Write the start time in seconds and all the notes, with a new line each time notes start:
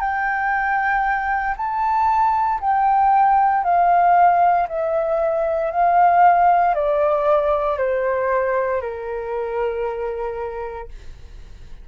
0.00 G5
1.57 A5
2.61 G5
3.63 F5
4.68 E5
5.71 F5
6.74 D5
7.78 C5
8.81 A#4